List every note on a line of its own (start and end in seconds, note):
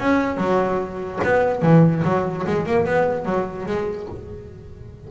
0.00 0.38 C#4
0.38 1.20 F#3
1.25 1.63 B3
1.63 2.04 E3
2.04 2.45 F#3
2.47 2.66 G#3
2.66 2.86 A#3
2.86 3.26 B3
3.26 3.67 F#3
3.67 4.08 G#3